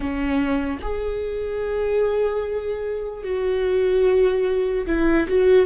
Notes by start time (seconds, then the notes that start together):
0.00 C#4
0.81 G#4
3.23 F#4
4.86 E4
5.28 F#4